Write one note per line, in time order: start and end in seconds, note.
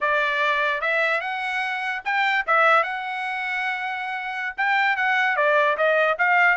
0.00 0.81 D5
0.81 1.21 E5
1.21 2.02 F#5
2.04 2.45 G5
2.46 2.83 E5
2.83 4.55 F#5
4.57 4.96 G5
4.96 5.36 F#5
5.36 5.76 D5
5.77 6.17 D#5
6.18 6.57 F5